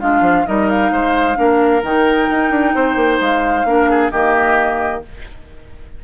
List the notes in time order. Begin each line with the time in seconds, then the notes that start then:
0.00 G#3 D4 F4 F5
0.21 F3
0.46 G3 D#4 A#4 D#5
0.69 F5
0.92 G#3 C5
1.35 A#3 D4 A#4
1.83 D#3 D#4 G5
2.31 D#4
2.51 D4
2.75 C4 C5
2.96 A#3
3.21 G#3 F5
3.65 A#3 D4 A#4
3.90 G#4
4.11 D#3 A#3 G4 D#5